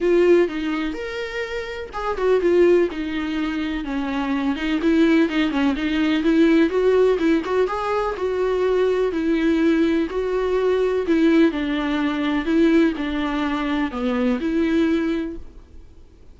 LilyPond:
\new Staff \with { instrumentName = "viola" } { \time 4/4 \tempo 4 = 125 f'4 dis'4 ais'2 | gis'8 fis'8 f'4 dis'2 | cis'4. dis'8 e'4 dis'8 cis'8 | dis'4 e'4 fis'4 e'8 fis'8 |
gis'4 fis'2 e'4~ | e'4 fis'2 e'4 | d'2 e'4 d'4~ | d'4 b4 e'2 | }